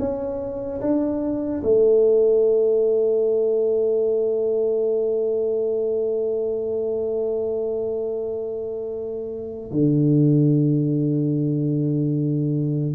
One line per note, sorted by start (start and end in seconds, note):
0.00 0.81 C#4
0.81 1.63 D4
1.64 9.72 A3
9.72 12.95 D3